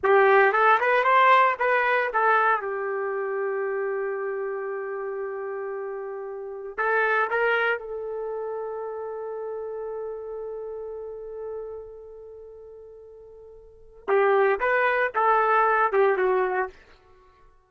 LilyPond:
\new Staff \with { instrumentName = "trumpet" } { \time 4/4 \tempo 4 = 115 g'4 a'8 b'8 c''4 b'4 | a'4 g'2.~ | g'1~ | g'4 a'4 ais'4 a'4~ |
a'1~ | a'1~ | a'2. g'4 | b'4 a'4. g'8 fis'4 | }